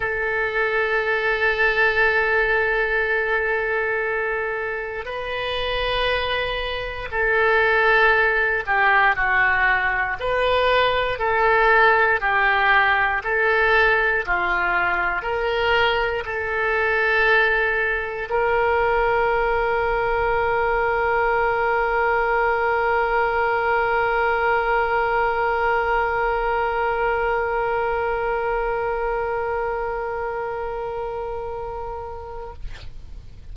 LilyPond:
\new Staff \with { instrumentName = "oboe" } { \time 4/4 \tempo 4 = 59 a'1~ | a'4 b'2 a'4~ | a'8 g'8 fis'4 b'4 a'4 | g'4 a'4 f'4 ais'4 |
a'2 ais'2~ | ais'1~ | ais'1~ | ais'1 | }